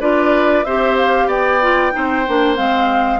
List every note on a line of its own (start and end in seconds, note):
0.00 0.65 D4
0.00 0.65 F4
0.00 0.65 B4
0.00 0.64 D5
0.64 1.27 C4
0.64 1.61 G4
0.64 1.28 C5
0.64 0.96 E5
0.97 1.29 F5
1.27 1.91 B3
1.27 1.92 D5
1.27 2.56 G5
1.61 1.92 F4
1.92 2.28 C4
1.92 2.24 D#4
1.92 3.20 C5
2.28 2.58 A#3
2.28 2.56 D4
2.56 3.20 G#3
2.56 3.20 C4
2.56 3.20 F5